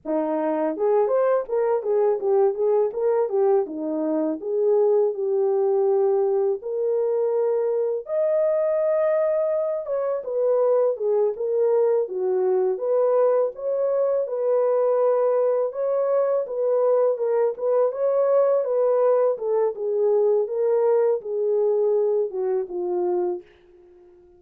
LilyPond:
\new Staff \with { instrumentName = "horn" } { \time 4/4 \tempo 4 = 82 dis'4 gis'8 c''8 ais'8 gis'8 g'8 gis'8 | ais'8 g'8 dis'4 gis'4 g'4~ | g'4 ais'2 dis''4~ | dis''4. cis''8 b'4 gis'8 ais'8~ |
ais'8 fis'4 b'4 cis''4 b'8~ | b'4. cis''4 b'4 ais'8 | b'8 cis''4 b'4 a'8 gis'4 | ais'4 gis'4. fis'8 f'4 | }